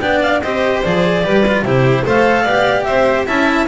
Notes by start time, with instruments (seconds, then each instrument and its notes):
0.00 double bass B3, cello D4, violin D5, clarinet G5
0.22 clarinet F5
0.42 double bass C4, cello G4, violin C5, clarinet D#5
0.83 double bass F3, cello G#4, clarinet D5
1.24 double bass G3, cello G4, violin B4
1.48 cello F4
1.63 double bass C3, cello E4, violin G4, clarinet C5
2.05 double bass A3, cello A4, violin C5, clarinet F5
2.43 double bass B3, cello G4, violin D5
2.84 double bass C4, violin C5, clarinet E5
3.27 double bass C#4, cello E4, violin E5, clarinet A5